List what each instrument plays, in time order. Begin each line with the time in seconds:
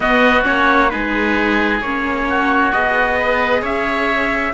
0.00 viola B3, cello B3, oboe F#4, trumpet D#5
0.43 cello A#3, viola C#4, trumpet C#5
0.89 cello G#3, viola D#4, oboe G#4, trumpet B4
1.80 cello A#3, viola C#4, trumpet C#5
2.28 oboe F#4
2.71 cello B3, viola G#4, trumpet D#5
3.19 oboe B4
3.61 cello C#4, oboe C#5, trumpet E5